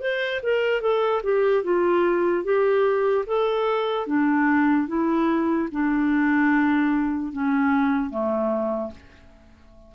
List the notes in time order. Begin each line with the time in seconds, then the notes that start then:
0.00 C5
0.43 A#4
0.81 A4
1.23 G4
1.63 F4
2.44 G4
3.27 A4
4.07 D4
4.88 E4
5.72 D4
7.32 C#4
8.10 A3